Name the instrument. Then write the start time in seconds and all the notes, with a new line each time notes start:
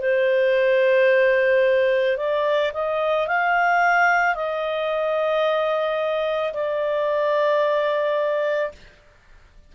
clarinet
0.00 C5
2.18 D5
2.74 D#5
3.28 F5
4.35 D#5
6.54 D5